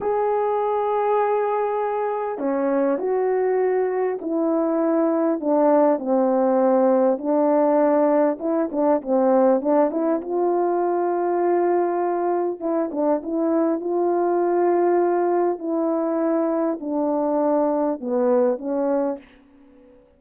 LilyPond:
\new Staff \with { instrumentName = "horn" } { \time 4/4 \tempo 4 = 100 gis'1 | cis'4 fis'2 e'4~ | e'4 d'4 c'2 | d'2 e'8 d'8 c'4 |
d'8 e'8 f'2.~ | f'4 e'8 d'8 e'4 f'4~ | f'2 e'2 | d'2 b4 cis'4 | }